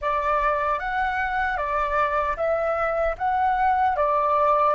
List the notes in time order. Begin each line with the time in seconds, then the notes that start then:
0.01 D5
0.79 F#5
1.57 D5
2.36 E5
3.18 F#5
3.96 D5